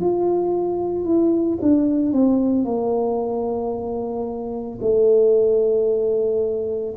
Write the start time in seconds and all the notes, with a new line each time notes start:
0.00 F4
1.05 E4
1.62 D4
2.12 C4
2.65 A#3
4.82 A3